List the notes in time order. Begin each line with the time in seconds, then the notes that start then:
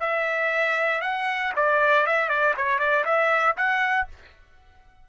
0.00 E5
1.01 F#5
1.56 D5
2.06 E5
2.29 D5
2.57 C#5
2.79 D5
3.05 E5
3.57 F#5